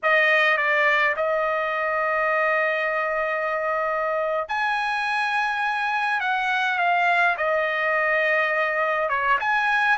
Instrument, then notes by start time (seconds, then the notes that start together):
trumpet
0.02 D#5
0.57 D5
1.16 D#5
4.48 G#5
6.20 F#5
6.78 F5
7.37 D#5
9.09 C#5
9.40 G#5